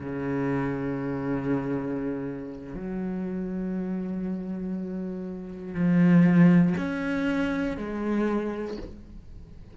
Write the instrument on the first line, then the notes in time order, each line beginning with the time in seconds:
cello
0.00 C#3
2.75 F#3
5.75 F3
6.78 C#4
7.77 G#3